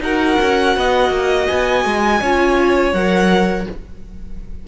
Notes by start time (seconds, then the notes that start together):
0.00 D#4 F#4 A#4 F#5
0.41 C#4
0.77 B3 D#5
1.10 A#3
1.47 B3 G#5
1.85 G#3
2.21 C#4 F4 C#5
2.93 F#3 A#4 F#5